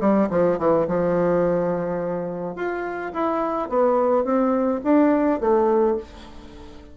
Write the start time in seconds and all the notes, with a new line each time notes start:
0.00 G3
0.30 F3
0.58 E3
0.87 F3
2.55 F4
3.13 E4
3.69 B3
4.24 C4
4.84 D4
5.40 A3